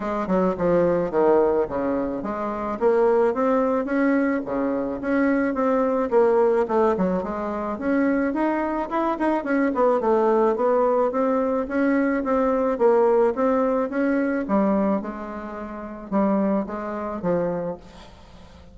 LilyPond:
\new Staff \with { instrumentName = "bassoon" } { \time 4/4 \tempo 4 = 108 gis8 fis8 f4 dis4 cis4 | gis4 ais4 c'4 cis'4 | cis4 cis'4 c'4 ais4 | a8 fis8 gis4 cis'4 dis'4 |
e'8 dis'8 cis'8 b8 a4 b4 | c'4 cis'4 c'4 ais4 | c'4 cis'4 g4 gis4~ | gis4 g4 gis4 f4 | }